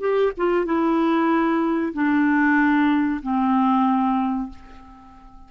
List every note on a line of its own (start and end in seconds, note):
0.00 0.32 G4
0.37 0.65 F4
0.65 1.93 E4
1.93 3.21 D4
3.22 4.49 C4